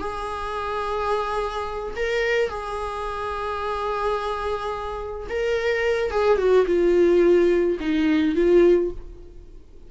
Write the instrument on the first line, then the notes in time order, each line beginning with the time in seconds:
viola
0.00 G#4
1.96 A#4
2.49 G#4
5.30 A#4
6.11 G#4
6.38 F#4
6.67 F4
7.80 D#4
8.36 F4